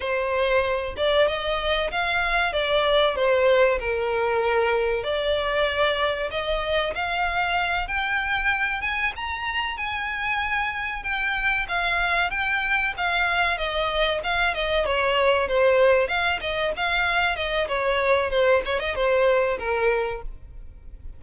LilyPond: \new Staff \with { instrumentName = "violin" } { \time 4/4 \tempo 4 = 95 c''4. d''8 dis''4 f''4 | d''4 c''4 ais'2 | d''2 dis''4 f''4~ | f''8 g''4. gis''8 ais''4 gis''8~ |
gis''4. g''4 f''4 g''8~ | g''8 f''4 dis''4 f''8 dis''8 cis''8~ | cis''8 c''4 f''8 dis''8 f''4 dis''8 | cis''4 c''8 cis''16 dis''16 c''4 ais'4 | }